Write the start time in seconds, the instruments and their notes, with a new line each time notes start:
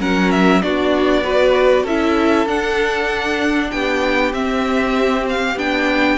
0.00 cello F#3, viola C#4, violin A#4 F#5
0.32 violin E5
0.62 cello B3, viola D4, violin F#4 D5
1.24 viola F#4, violin B4
1.83 cello C#4, viola E4, violin A4 E5
2.46 cello D4, viola D4, violin F#5
3.71 cello B3, violin G4 G5
4.33 cello C4, viola C4, violin E5
5.29 violin F5
5.56 cello B3, viola D4, violin G5